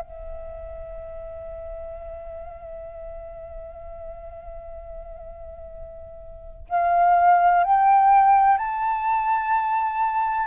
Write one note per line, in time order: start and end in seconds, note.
0.00 6.67 E5
6.69 7.64 F5
7.64 8.58 G5
8.58 10.47 A5